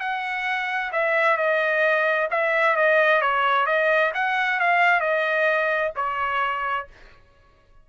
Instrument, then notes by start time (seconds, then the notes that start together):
trumpet
0.00 F#5
0.92 E5
1.37 D#5
2.30 E5
2.76 D#5
3.21 C#5
3.66 D#5
4.14 F#5
4.60 F5
5.00 D#5
5.96 C#5